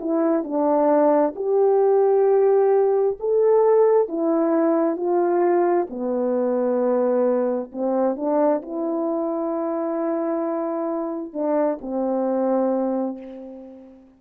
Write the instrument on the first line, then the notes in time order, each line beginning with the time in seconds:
horn
0.00 E4
0.43 D4
1.36 G4
3.20 A4
4.08 E4
4.96 F4
5.89 B3
7.72 C4
8.16 D4
8.62 E4
11.33 D4
11.81 C4